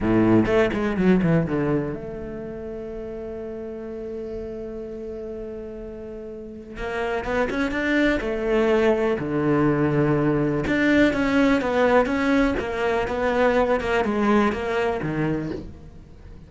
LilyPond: \new Staff \with { instrumentName = "cello" } { \time 4/4 \tempo 4 = 124 a,4 a8 gis8 fis8 e8 d4 | a1~ | a1~ | a2 ais4 b8 cis'8 |
d'4 a2 d4~ | d2 d'4 cis'4 | b4 cis'4 ais4 b4~ | b8 ais8 gis4 ais4 dis4 | }